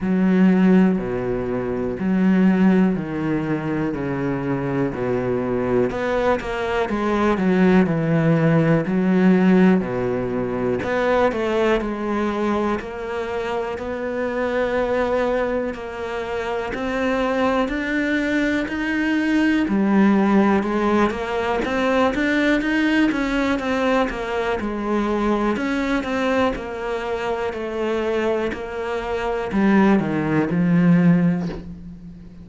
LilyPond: \new Staff \with { instrumentName = "cello" } { \time 4/4 \tempo 4 = 61 fis4 b,4 fis4 dis4 | cis4 b,4 b8 ais8 gis8 fis8 | e4 fis4 b,4 b8 a8 | gis4 ais4 b2 |
ais4 c'4 d'4 dis'4 | g4 gis8 ais8 c'8 d'8 dis'8 cis'8 | c'8 ais8 gis4 cis'8 c'8 ais4 | a4 ais4 g8 dis8 f4 | }